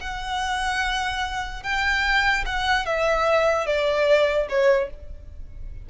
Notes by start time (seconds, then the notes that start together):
0.00 F#5
1.63 G5
2.46 F#5
2.86 E5
3.66 D5
4.49 C#5